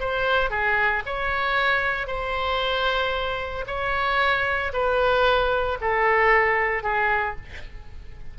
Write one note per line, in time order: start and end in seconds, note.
0.00 0.50 C5
0.50 1.03 G#4
1.06 2.07 C#5
2.07 3.65 C5
3.67 4.72 C#5
4.73 5.78 B4
5.81 6.83 A4
6.83 7.36 G#4